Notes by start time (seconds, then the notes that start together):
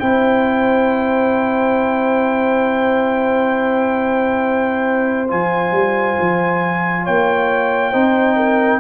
0.00 C4 E4 C5 G5
5.28 F3 F4 G#5
5.72 G3
6.21 F3
7.03 A#3 C#5 G5
7.91 C4 D#4 C5
8.37 A#4